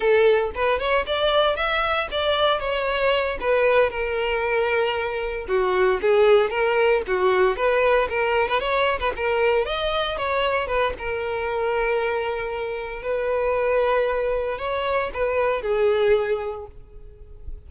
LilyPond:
\new Staff \with { instrumentName = "violin" } { \time 4/4 \tempo 4 = 115 a'4 b'8 cis''8 d''4 e''4 | d''4 cis''4. b'4 ais'8~ | ais'2~ ais'8 fis'4 gis'8~ | gis'8 ais'4 fis'4 b'4 ais'8~ |
ais'16 b'16 cis''8. b'16 ais'4 dis''4 cis''8~ | cis''8 b'8 ais'2.~ | ais'4 b'2. | cis''4 b'4 gis'2 | }